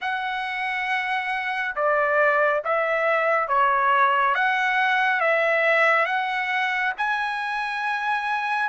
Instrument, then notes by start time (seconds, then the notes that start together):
trumpet
0.01 F#5
1.75 D5
2.64 E5
3.48 C#5
4.34 F#5
5.20 E5
6.05 F#5
6.97 G#5